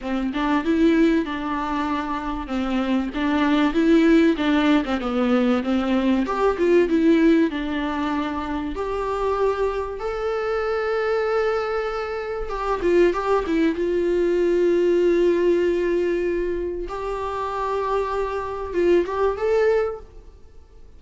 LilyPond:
\new Staff \with { instrumentName = "viola" } { \time 4/4 \tempo 4 = 96 c'8 d'8 e'4 d'2 | c'4 d'4 e'4 d'8. c'16 | b4 c'4 g'8 f'8 e'4 | d'2 g'2 |
a'1 | g'8 f'8 g'8 e'8 f'2~ | f'2. g'4~ | g'2 f'8 g'8 a'4 | }